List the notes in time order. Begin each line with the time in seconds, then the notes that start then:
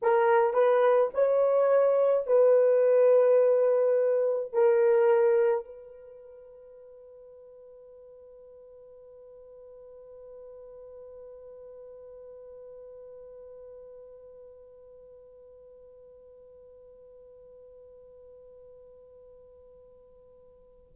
0.02 A#4
0.54 B4
1.13 C#5
2.26 B4
4.53 A#4
5.64 B4